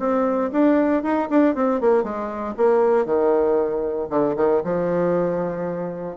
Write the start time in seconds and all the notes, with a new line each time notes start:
0.00 C4
0.53 D4
1.03 D#4
1.30 D4
1.56 C4
1.81 A#3
2.04 G#3
2.58 A#3
3.06 D#3
4.10 D3
4.37 D#3
4.65 F3